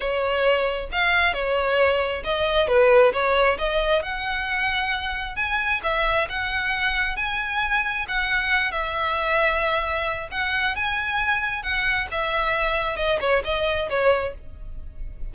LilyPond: \new Staff \with { instrumentName = "violin" } { \time 4/4 \tempo 4 = 134 cis''2 f''4 cis''4~ | cis''4 dis''4 b'4 cis''4 | dis''4 fis''2. | gis''4 e''4 fis''2 |
gis''2 fis''4. e''8~ | e''2. fis''4 | gis''2 fis''4 e''4~ | e''4 dis''8 cis''8 dis''4 cis''4 | }